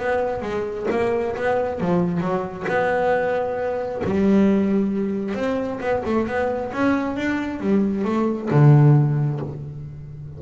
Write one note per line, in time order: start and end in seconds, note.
0.00 0.42 B3
0.42 0.87 G#3
0.91 1.36 A#3
1.36 1.81 B3
1.81 2.21 F3
2.21 2.66 F#3
2.68 4.03 B3
4.05 5.35 G3
5.35 5.80 C4
5.81 6.03 B3
6.06 6.27 A3
6.27 6.72 B3
6.73 7.17 C#4
7.17 7.61 D4
7.61 8.05 G3
8.05 8.50 A3
8.51 9.41 D3